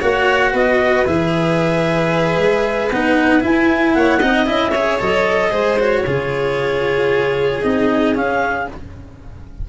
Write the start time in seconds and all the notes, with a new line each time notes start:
0.00 A#3 F#4 C#5 F#5
0.53 B3 B4 D#5
1.06 E3 G#4 E5
2.37 G#3
2.91 B3 D#4 F#5
3.41 E4 G#5
3.94 A#3 C#5 F#5
4.20 C4 D#4 D#5
4.46 C#4 E4 E5
4.71 G#4 C#5
5.00 F#3 A4 D#5
5.50 G#3 G#4 C5
5.79 F#4 C#5
6.06 C#3 F4 G#4
7.63 C4 D#4 D#5
8.15 C#4 F5